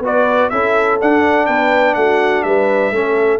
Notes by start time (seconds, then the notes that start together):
0.00 B3 F#4 B4
0.06 D5
0.50 C#4 E4 A4 E5
1.01 D4 F#5
1.46 B3 B4 G5
1.95 A3 F#4 F#5
2.43 G3 B4 E5
2.92 A3 C#4 A4